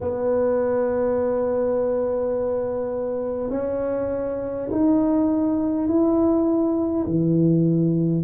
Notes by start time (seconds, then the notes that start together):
0.01 B3
3.50 C#4
4.71 D#4
5.87 E4
7.06 E3